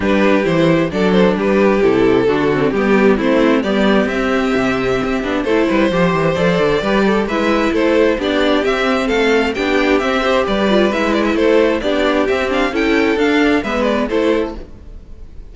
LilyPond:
<<
  \new Staff \with { instrumentName = "violin" } { \time 4/4 \tempo 4 = 132 b'4 c''4 d''8 c''8 b'4 | a'2 g'4 c''4 | d''4 e''2. | c''2 d''2 |
e''4 c''4 d''4 e''4 | f''4 g''4 e''4 d''4 | e''8 d''16 e''16 c''4 d''4 e''8 f''8 | g''4 f''4 e''8 d''8 c''4 | }
  \new Staff \with { instrumentName = "violin" } { \time 4/4 g'2 a'4 g'4~ | g'4 fis'4 g'4 e'4 | g'1 | a'8 b'8 c''2 b'8 a'8 |
b'4 a'4 g'2 | a'4 g'4. c''8 b'4~ | b'4 a'4 g'2 | a'2 b'4 a'4 | }
  \new Staff \with { instrumentName = "viola" } { \time 4/4 d'4 e'4 d'2 | e'4 d'8 c'8 b4 c'4 | b4 c'2~ c'8 d'8 | e'4 g'4 a'4 g'4 |
e'2 d'4 c'4~ | c'4 d'4 c'8 g'4 f'8 | e'2 d'4 c'8 d'8 | e'4 d'4 b4 e'4 | }
  \new Staff \with { instrumentName = "cello" } { \time 4/4 g4 e4 fis4 g4 | c4 d4 g4 a4 | g4 c'4 c4 c'8 b8 | a8 g8 f8 e8 f8 d8 g4 |
gis4 a4 b4 c'4 | a4 b4 c'4 g4 | gis4 a4 b4 c'4 | cis'4 d'4 gis4 a4 | }
>>